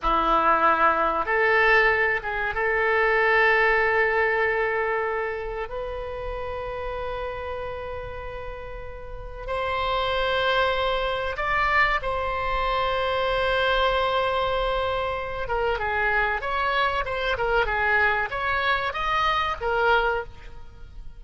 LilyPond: \new Staff \with { instrumentName = "oboe" } { \time 4/4 \tempo 4 = 95 e'2 a'4. gis'8 | a'1~ | a'4 b'2.~ | b'2. c''4~ |
c''2 d''4 c''4~ | c''1~ | c''8 ais'8 gis'4 cis''4 c''8 ais'8 | gis'4 cis''4 dis''4 ais'4 | }